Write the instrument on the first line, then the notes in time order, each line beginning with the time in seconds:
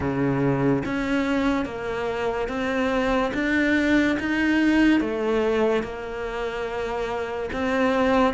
cello
0.00 C#3
0.85 C#4
1.65 A#3
2.48 C4
3.34 D4
4.19 D#4
5.00 A3
5.83 A#3
7.52 C4